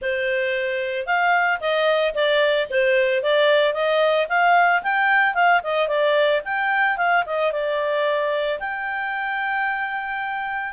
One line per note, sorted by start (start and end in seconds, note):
0.01 1.06 C5
1.06 1.59 F5
1.60 2.14 D#5
2.14 2.68 D5
2.69 3.22 C5
3.22 3.73 D5
3.73 4.27 D#5
4.29 4.82 F5
4.82 5.34 G5
5.34 5.61 F5
5.63 5.88 D#5
5.88 6.41 D5
6.45 6.97 G5
6.97 7.24 F5
7.25 7.52 D#5
7.52 8.59 D5
8.59 10.73 G5